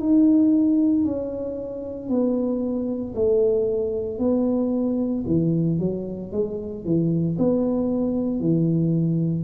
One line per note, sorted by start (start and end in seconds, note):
0.00 1.04 D#4
1.04 2.09 C#4
2.09 3.14 B3
3.15 4.19 A3
4.19 5.24 B3
5.26 5.79 E3
5.79 6.32 F#3
6.32 6.84 G#3
6.84 7.37 E3
7.38 8.40 B3
8.40 9.44 E3